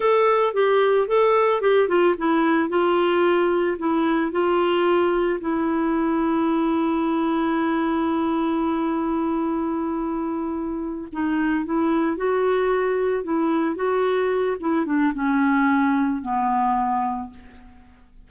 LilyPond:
\new Staff \with { instrumentName = "clarinet" } { \time 4/4 \tempo 4 = 111 a'4 g'4 a'4 g'8 f'8 | e'4 f'2 e'4 | f'2 e'2~ | e'1~ |
e'1~ | e'8 dis'4 e'4 fis'4.~ | fis'8 e'4 fis'4. e'8 d'8 | cis'2 b2 | }